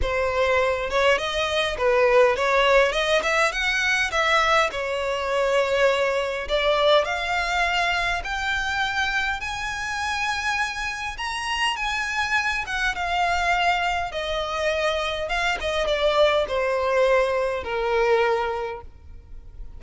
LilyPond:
\new Staff \with { instrumentName = "violin" } { \time 4/4 \tempo 4 = 102 c''4. cis''8 dis''4 b'4 | cis''4 dis''8 e''8 fis''4 e''4 | cis''2. d''4 | f''2 g''2 |
gis''2. ais''4 | gis''4. fis''8 f''2 | dis''2 f''8 dis''8 d''4 | c''2 ais'2 | }